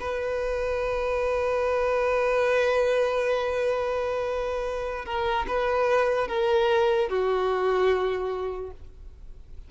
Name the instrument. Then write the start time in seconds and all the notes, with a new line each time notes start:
violin
0.00 B4
5.05 A#4
5.47 B4
6.28 A#4
7.09 F#4